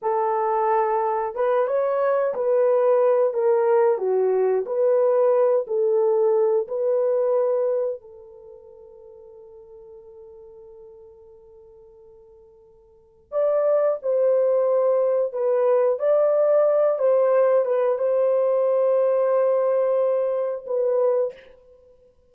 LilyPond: \new Staff \with { instrumentName = "horn" } { \time 4/4 \tempo 4 = 90 a'2 b'8 cis''4 b'8~ | b'4 ais'4 fis'4 b'4~ | b'8 a'4. b'2 | a'1~ |
a'1 | d''4 c''2 b'4 | d''4. c''4 b'8 c''4~ | c''2. b'4 | }